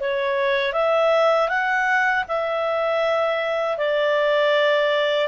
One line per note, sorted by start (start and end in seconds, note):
0.00 0.73 C#5
0.73 1.48 E5
1.48 2.24 F#5
2.28 3.78 E5
3.78 5.28 D5